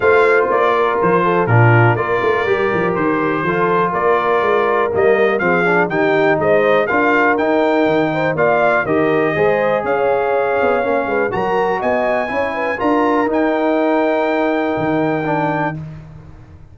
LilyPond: <<
  \new Staff \with { instrumentName = "trumpet" } { \time 4/4 \tempo 4 = 122 f''4 d''4 c''4 ais'4 | d''2 c''2 | d''2 dis''4 f''4 | g''4 dis''4 f''4 g''4~ |
g''4 f''4 dis''2 | f''2. ais''4 | gis''2 ais''4 g''4~ | g''1 | }
  \new Staff \with { instrumentName = "horn" } { \time 4/4 c''4. ais'4 a'8 f'4 | ais'2. a'4 | ais'2. gis'4 | g'4 c''4 ais'2~ |
ais'8 c''8 d''4 ais'4 c''4 | cis''2~ cis''8 b'8 ais'4 | dis''4 cis''8 b'8 ais'2~ | ais'1 | }
  \new Staff \with { instrumentName = "trombone" } { \time 4/4 f'2. d'4 | f'4 g'2 f'4~ | f'2 ais4 c'8 d'8 | dis'2 f'4 dis'4~ |
dis'4 f'4 g'4 gis'4~ | gis'2 cis'4 fis'4~ | fis'4 e'4 f'4 dis'4~ | dis'2. d'4 | }
  \new Staff \with { instrumentName = "tuba" } { \time 4/4 a4 ais4 f4 ais,4 | ais8 a8 g8 f8 dis4 f4 | ais4 gis4 g4 f4 | dis4 gis4 d'4 dis'4 |
dis4 ais4 dis4 gis4 | cis'4. b8 ais8 gis8 fis4 | b4 cis'4 d'4 dis'4~ | dis'2 dis2 | }
>>